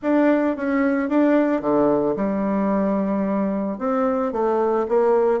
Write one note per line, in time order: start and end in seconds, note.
0.02 0.56 D4
0.56 1.09 C#4
1.09 1.61 D4
1.61 2.15 D3
2.16 3.78 G3
3.78 4.32 C4
4.32 4.86 A3
4.88 5.40 A#3